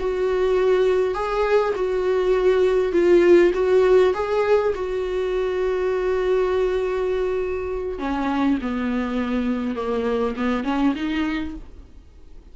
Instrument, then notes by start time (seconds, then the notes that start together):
viola
0.00 F#4
1.15 G#4
1.76 F#4
2.93 F4
3.54 F#4
4.14 G#4
4.75 F#4
7.99 C#4
8.62 B3
9.76 A#3
10.37 B3
10.64 C#4
10.95 D#4